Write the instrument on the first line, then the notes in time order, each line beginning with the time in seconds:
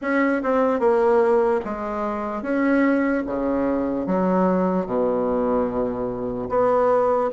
bassoon
0.01 C#4
0.43 C4
0.79 A#3
1.64 G#3
2.42 C#4
3.26 C#3
4.06 F#3
4.86 B2
6.49 B3